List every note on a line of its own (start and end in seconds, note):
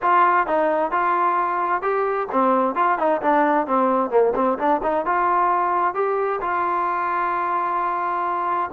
0.01 0.46 F4
0.46 0.91 D#4
0.91 1.82 F4
1.82 2.27 G4
2.32 2.75 C4
2.75 2.98 F4
2.98 3.21 D#4
3.21 3.66 D4
3.66 4.10 C4
4.10 4.33 A#3
4.35 4.58 C4
4.58 4.81 D4
4.83 5.05 D#4
5.05 5.94 F4
5.94 6.40 G4
6.41 8.70 F4